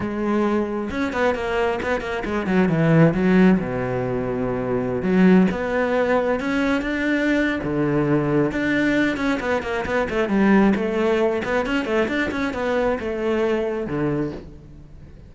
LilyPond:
\new Staff \with { instrumentName = "cello" } { \time 4/4 \tempo 4 = 134 gis2 cis'8 b8 ais4 | b8 ais8 gis8 fis8 e4 fis4 | b,2.~ b,16 fis8.~ | fis16 b2 cis'4 d'8.~ |
d'4 d2 d'4~ | d'8 cis'8 b8 ais8 b8 a8 g4 | a4. b8 cis'8 a8 d'8 cis'8 | b4 a2 d4 | }